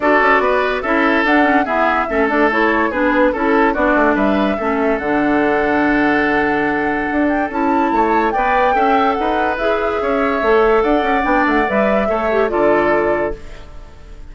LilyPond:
<<
  \new Staff \with { instrumentName = "flute" } { \time 4/4 \tempo 4 = 144 d''2 e''4 fis''4 | e''4. d''8 cis''4 b'4 | a'4 d''4 e''2 | fis''1~ |
fis''4. g''8 a''2 | g''2 fis''4 e''4~ | e''2 fis''4 g''8 fis''8 | e''2 d''2 | }
  \new Staff \with { instrumentName = "oboe" } { \time 4/4 a'4 b'4 a'2 | gis'4 a'2 gis'4 | a'4 fis'4 b'4 a'4~ | a'1~ |
a'2. cis''4 | d''4 e''4 b'2 | cis''2 d''2~ | d''4 cis''4 a'2 | }
  \new Staff \with { instrumentName = "clarinet" } { \time 4/4 fis'2 e'4 d'8 cis'8 | b4 cis'8 d'8 e'4 d'4 | e'4 d'2 cis'4 | d'1~ |
d'2 e'2 | b'4 a'2 gis'4~ | gis'4 a'2 d'4 | b'4 a'8 g'8 f'2 | }
  \new Staff \with { instrumentName = "bassoon" } { \time 4/4 d'8 cis'8 b4 cis'4 d'4 | e'4 a2 b4 | cis'4 b8 a8 g4 a4 | d1~ |
d4 d'4 cis'4 a4 | b4 cis'4 dis'4 e'4 | cis'4 a4 d'8 cis'8 b8 a8 | g4 a4 d2 | }
>>